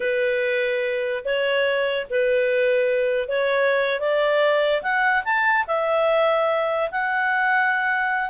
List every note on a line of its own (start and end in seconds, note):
0.00 1.23 B4
1.24 2.07 C#5
2.09 3.28 B4
3.28 4.00 C#5
4.00 4.82 D5
4.82 5.23 F#5
5.24 5.65 A5
5.67 6.90 E5
6.91 8.30 F#5